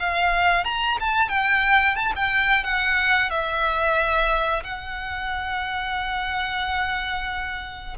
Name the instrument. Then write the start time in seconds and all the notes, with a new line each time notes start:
violin
0.00 F5
0.65 A#5
1.01 A5
1.29 G5
1.96 A5
2.16 G5
2.65 F#5
3.30 E5
4.64 F#5